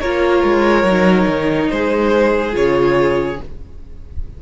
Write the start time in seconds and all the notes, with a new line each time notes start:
0.00 A#3 F4 A#4 C#5
0.43 G#3
0.83 F#3 D#4
1.27 D#3
1.69 G#3 G#4 C5
2.52 C#3 F4 C#5